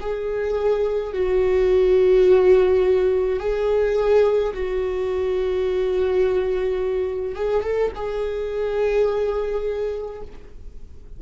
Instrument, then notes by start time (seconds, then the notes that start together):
viola
0.00 G#4
1.13 F#4
3.40 G#4
4.53 F#4
7.35 G#4
7.63 A4
7.95 G#4